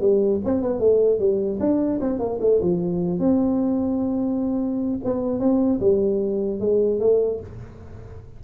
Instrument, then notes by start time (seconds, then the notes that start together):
tuba
0.00 G3
0.45 C4
0.61 B3
0.79 A3
1.19 G3
1.60 D4
2.01 C4
2.19 A#3
2.41 A3
2.61 F3
3.19 C4
5.04 B3
5.39 C4
5.80 G3
6.59 G#3
7.00 A3